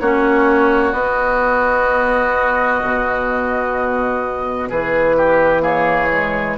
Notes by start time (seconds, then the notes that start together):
0.00 A#3 C#4 F#4 C#5
0.92 B3 D#5
2.83 B2
4.69 E3 G#4 B4
5.17 G4
5.60 A#3 G#4 C#5
6.11 G#3